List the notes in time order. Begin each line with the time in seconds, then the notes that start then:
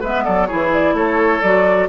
0.00 G#3 B3 B4 E5
0.24 F#3 A4 D5
0.46 E4 G#4 C#5
0.53 E3
0.73 D5
0.93 A3 A4 C#5
1.41 F#3 F#4 D5